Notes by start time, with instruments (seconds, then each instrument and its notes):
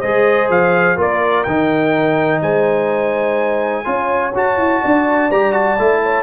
0.00 tuba G#3, trombone G#4, horn C5, trumpet D#5
0.49 tuba F3, trumpet F5
0.96 tuba A#3, trombone F4, horn A#4, trumpet D5
1.43 tuba D#3, trombone D#4, trumpet G5
2.41 tuba G#3, horn C5, trumpet G#5
3.84 tuba C#4, trombone F4, horn C#5
4.35 tuba F#4, trombone F#4, trumpet A5
4.57 tuba E4
4.81 tuba D4, horn D5
5.30 tuba G3, trombone G4, trumpet A#5
5.52 trombone F#4, trumpet A5
5.79 tuba A3, trombone E4
6.03 horn C#5